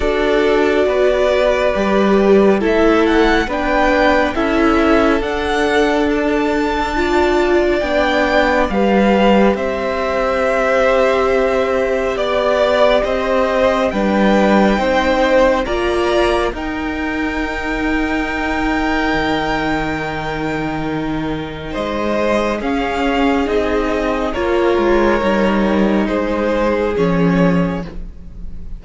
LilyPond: <<
  \new Staff \with { instrumentName = "violin" } { \time 4/4 \tempo 4 = 69 d''2. e''8 fis''8 | g''4 e''4 fis''4 a''4~ | a''4 g''4 f''4 e''4~ | e''2 d''4 dis''4 |
g''2 ais''4 g''4~ | g''1~ | g''4 dis''4 f''4 dis''4 | cis''2 c''4 cis''4 | }
  \new Staff \with { instrumentName = "violin" } { \time 4/4 a'4 b'2 a'4 | b'4 a'2. | d''2 b'4 c''4~ | c''2 d''4 c''4 |
b'4 c''4 d''4 ais'4~ | ais'1~ | ais'4 c''4 gis'2 | ais'2 gis'2 | }
  \new Staff \with { instrumentName = "viola" } { \time 4/4 fis'2 g'4 e'4 | d'4 e'4 d'2 | f'4 d'4 g'2~ | g'1 |
d'4 dis'4 f'4 dis'4~ | dis'1~ | dis'2 cis'4 dis'4 | f'4 dis'2 cis'4 | }
  \new Staff \with { instrumentName = "cello" } { \time 4/4 d'4 b4 g4 a4 | b4 cis'4 d'2~ | d'4 b4 g4 c'4~ | c'2 b4 c'4 |
g4 c'4 ais4 dis'4~ | dis'2 dis2~ | dis4 gis4 cis'4 c'4 | ais8 gis8 g4 gis4 f4 | }
>>